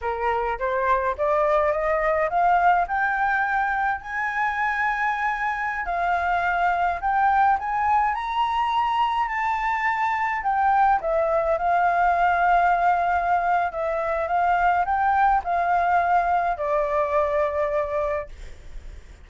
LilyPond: \new Staff \with { instrumentName = "flute" } { \time 4/4 \tempo 4 = 105 ais'4 c''4 d''4 dis''4 | f''4 g''2 gis''4~ | gis''2~ gis''16 f''4.~ f''16~ | f''16 g''4 gis''4 ais''4.~ ais''16~ |
ais''16 a''2 g''4 e''8.~ | e''16 f''2.~ f''8. | e''4 f''4 g''4 f''4~ | f''4 d''2. | }